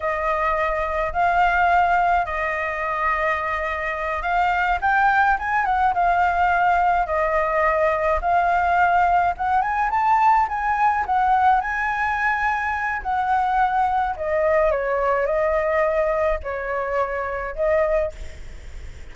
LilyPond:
\new Staff \with { instrumentName = "flute" } { \time 4/4 \tempo 4 = 106 dis''2 f''2 | dis''2.~ dis''8 f''8~ | f''8 g''4 gis''8 fis''8 f''4.~ | f''8 dis''2 f''4.~ |
f''8 fis''8 gis''8 a''4 gis''4 fis''8~ | fis''8 gis''2~ gis''8 fis''4~ | fis''4 dis''4 cis''4 dis''4~ | dis''4 cis''2 dis''4 | }